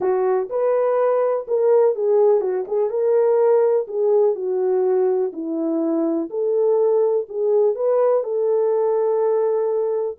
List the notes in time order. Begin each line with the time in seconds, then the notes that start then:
0.00 F#4
0.49 B4
1.47 A#4
1.95 G#4
2.41 F#4
2.67 G#4
2.90 A#4
3.87 G#4
4.35 F#4
5.32 E4
6.29 A4
7.28 G#4
7.75 B4
8.23 A4